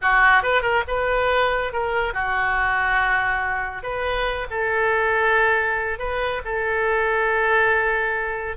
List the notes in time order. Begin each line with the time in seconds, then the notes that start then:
0.01 F#4
0.43 B4
0.61 A#4
0.87 B4
1.72 A#4
2.13 F#4
3.82 B4
4.50 A4
5.98 B4
6.44 A4